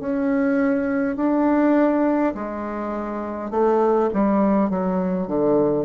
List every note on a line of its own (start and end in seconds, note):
0.00 1.17 C#4
1.17 2.34 D4
2.35 3.51 G#3
3.51 4.10 A3
4.13 4.70 G3
4.70 5.28 F#3
5.28 5.86 D3